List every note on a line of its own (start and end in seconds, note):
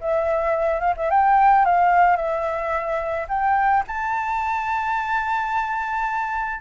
0.00 0.80 E5
0.80 0.93 F5
0.97 1.10 E5
1.10 1.65 G5
1.65 2.16 F5
2.16 3.26 E5
3.28 3.83 G5
3.87 6.61 A5